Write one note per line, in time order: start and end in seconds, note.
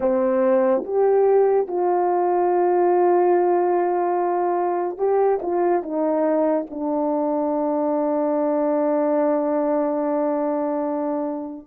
0.00 0.83 C4
0.84 1.67 G4
1.67 4.97 F4
4.97 5.39 G4
5.42 5.82 F4
5.82 6.66 D#4
6.70 11.67 D4